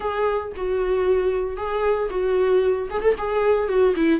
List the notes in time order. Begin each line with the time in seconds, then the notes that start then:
0.00 G#4
0.56 F#4
1.56 G#4
2.10 F#4
2.90 G#4
3.02 A4
3.18 G#4
3.68 F#4
3.95 E4